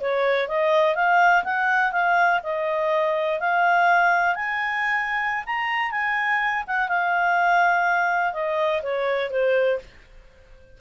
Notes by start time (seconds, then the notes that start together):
0.00 C#5
0.48 D#5
0.95 F5
1.44 F#5
1.92 F5
2.43 D#5
3.40 F5
4.35 G#5
5.46 A#5
5.91 G#5
6.67 F#5
6.88 F5
8.33 D#5
8.82 C#5
9.30 C5